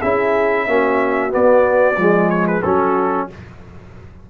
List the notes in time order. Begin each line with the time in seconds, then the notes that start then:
0.00 C#4 E4 G#4 E5
0.67 A#3 C#4 F#4
1.29 B3 D5
1.97 F3 G#3 G#4
2.29 C#5
2.47 B4
2.62 F#3 C#4 F#4 A4